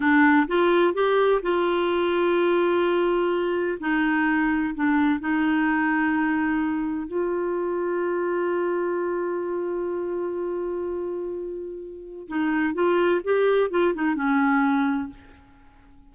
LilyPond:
\new Staff \with { instrumentName = "clarinet" } { \time 4/4 \tempo 4 = 127 d'4 f'4 g'4 f'4~ | f'1 | dis'2 d'4 dis'4~ | dis'2. f'4~ |
f'1~ | f'1~ | f'2 dis'4 f'4 | g'4 f'8 dis'8 cis'2 | }